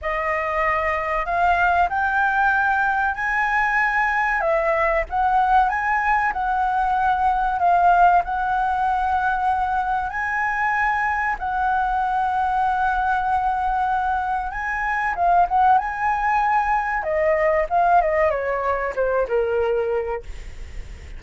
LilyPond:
\new Staff \with { instrumentName = "flute" } { \time 4/4 \tempo 4 = 95 dis''2 f''4 g''4~ | g''4 gis''2 e''4 | fis''4 gis''4 fis''2 | f''4 fis''2. |
gis''2 fis''2~ | fis''2. gis''4 | f''8 fis''8 gis''2 dis''4 | f''8 dis''8 cis''4 c''8 ais'4. | }